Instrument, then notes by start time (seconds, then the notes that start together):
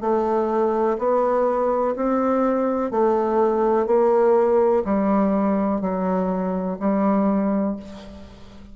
bassoon
0.00 A3
0.98 B3
1.95 C4
2.91 A3
3.86 A#3
4.84 G3
5.81 F#3
6.79 G3